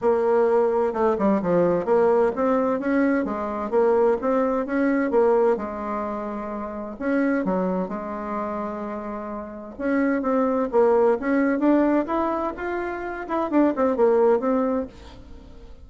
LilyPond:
\new Staff \with { instrumentName = "bassoon" } { \time 4/4 \tempo 4 = 129 ais2 a8 g8 f4 | ais4 c'4 cis'4 gis4 | ais4 c'4 cis'4 ais4 | gis2. cis'4 |
fis4 gis2.~ | gis4 cis'4 c'4 ais4 | cis'4 d'4 e'4 f'4~ | f'8 e'8 d'8 c'8 ais4 c'4 | }